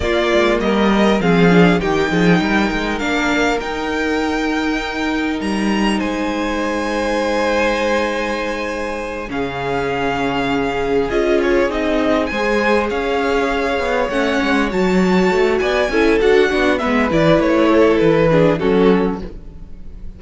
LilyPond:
<<
  \new Staff \with { instrumentName = "violin" } { \time 4/4 \tempo 4 = 100 d''4 dis''4 f''4 g''4~ | g''4 f''4 g''2~ | g''4 ais''4 gis''2~ | gis''2.~ gis''8 f''8~ |
f''2~ f''8 dis''8 cis''8 dis''8~ | dis''8 gis''4 f''2 fis''8~ | fis''8 a''4. gis''4 fis''4 | e''8 d''8 cis''4 b'4 a'4 | }
  \new Staff \with { instrumentName = "violin" } { \time 4/4 f'4 ais'4 gis'4 g'8 gis'8 | ais'1~ | ais'2 c''2~ | c''2.~ c''8 gis'8~ |
gis'1~ | gis'8 c''4 cis''2~ cis''8~ | cis''2 d''8 a'4 fis'8 | b'4. a'4 gis'8 fis'4 | }
  \new Staff \with { instrumentName = "viola" } { \time 4/4 ais2 c'8 d'8 dis'4~ | dis'4 d'4 dis'2~ | dis'1~ | dis'2.~ dis'8 cis'8~ |
cis'2~ cis'8 f'4 dis'8~ | dis'8 gis'2. cis'8~ | cis'8 fis'2 e'8 fis'8 d'8 | b8 e'2 d'8 cis'4 | }
  \new Staff \with { instrumentName = "cello" } { \time 4/4 ais8 gis8 g4 f4 dis8 f8 | g8 gis8 ais4 dis'2~ | dis'4 g4 gis2~ | gis2.~ gis8 cis8~ |
cis2~ cis8 cis'4 c'8~ | c'8 gis4 cis'4. b8 a8 | gis8 fis4 a8 b8 cis'8 d'8 b8 | gis8 e8 a4 e4 fis4 | }
>>